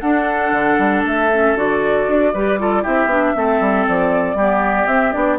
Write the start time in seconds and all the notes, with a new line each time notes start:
0.00 D4 A4 F#5
0.51 D3
0.79 G3
1.04 A3 E5
1.32 C#4
1.55 D3 F#4 D5
2.08 D4
2.33 G3 G4 B4
2.59 F4 A4
2.82 C4 E4 G4 E5
3.06 B3 D4
3.35 A3 C4 A4
3.60 G3
3.88 F3 D5
4.35 G3 B3 G4
4.86 C4 E5
5.12 B3 D4 D5